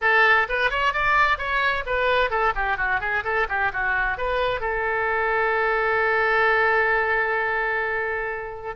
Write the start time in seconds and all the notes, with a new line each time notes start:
0.01 A4
0.48 B4
0.70 C#5
0.93 D5
1.37 C#5
1.86 B4
2.30 A4
2.55 G4
2.77 F#4
3.00 G#4
3.24 A4
3.48 G4
3.73 F#4
4.17 B4
4.60 A4